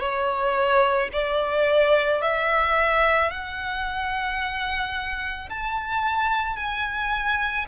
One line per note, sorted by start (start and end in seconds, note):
0.00 1.09 C#5
1.13 2.22 D5
2.22 3.31 E5
3.31 5.49 F#5
5.49 6.57 A5
6.57 7.66 G#5